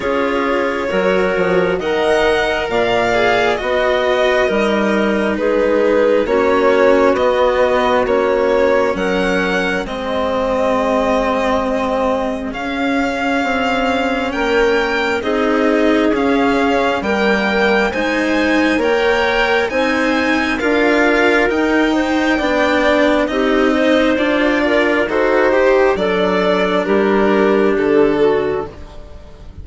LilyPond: <<
  \new Staff \with { instrumentName = "violin" } { \time 4/4 \tempo 4 = 67 cis''2 fis''4 f''4 | dis''2 b'4 cis''4 | dis''4 cis''4 fis''4 dis''4~ | dis''2 f''2 |
g''4 dis''4 f''4 g''4 | gis''4 g''4 gis''4 f''4 | g''2 dis''4 d''4 | c''4 d''4 ais'4 a'4 | }
  \new Staff \with { instrumentName = "clarinet" } { \time 4/4 gis'4 ais'4 dis''4 d''4 | dis''4 ais'4 gis'4 fis'4~ | fis'2 ais'4 gis'4~ | gis'1 |
ais'4 gis'2 ais'4 | c''4 cis''4 c''4 ais'4~ | ais'8 c''8 d''4 g'8 c''4 ais'8 | a'8 g'8 a'4 g'4. fis'8 | }
  \new Staff \with { instrumentName = "cello" } { \time 4/4 f'4 fis'4 ais'4. gis'8 | fis'4 dis'2 cis'4 | b4 cis'2 c'4~ | c'2 cis'2~ |
cis'4 dis'4 cis'4 ais4 | dis'4 ais'4 dis'4 f'4 | dis'4 d'4 dis'4 f'4 | fis'8 g'8 d'2. | }
  \new Staff \with { instrumentName = "bassoon" } { \time 4/4 cis'4 fis8 f8 dis4 ais,4 | b4 g4 gis4 ais4 | b4 ais4 fis4 gis4~ | gis2 cis'4 c'4 |
ais4 c'4 cis'4 g4 | gis4 ais4 c'4 d'4 | dis'4 b4 c'4 d'4 | dis'4 fis4 g4 d4 | }
>>